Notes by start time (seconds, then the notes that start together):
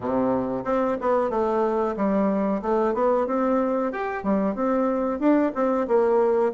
0.00 C3
0.64 C4
1.00 B3
1.30 A3
1.96 G3
2.61 A3
2.94 B3
3.26 C4
3.92 G4
4.23 G3
4.55 C4
5.19 D4
5.54 C4
5.87 A#3